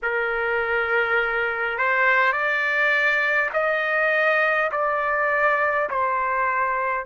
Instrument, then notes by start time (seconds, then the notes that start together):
trumpet
0.02 A#4
1.78 C5
2.32 D5
3.53 D#5
4.71 D5
5.89 C5